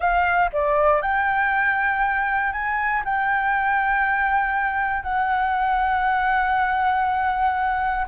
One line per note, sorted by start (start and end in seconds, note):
0.00 0.50 F5
0.52 1.01 D5
1.01 2.52 G5
2.52 3.02 G#5
3.04 5.03 G5
5.03 8.05 F#5